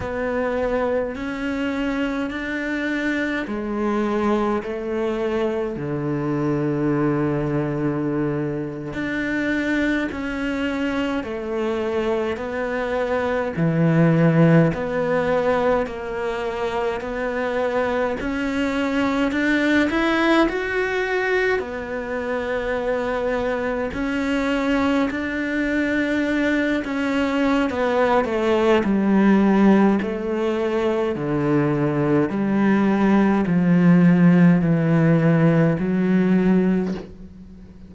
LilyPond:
\new Staff \with { instrumentName = "cello" } { \time 4/4 \tempo 4 = 52 b4 cis'4 d'4 gis4 | a4 d2~ d8. d'16~ | d'8. cis'4 a4 b4 e16~ | e8. b4 ais4 b4 cis'16~ |
cis'8. d'8 e'8 fis'4 b4~ b16~ | b8. cis'4 d'4. cis'8. | b8 a8 g4 a4 d4 | g4 f4 e4 fis4 | }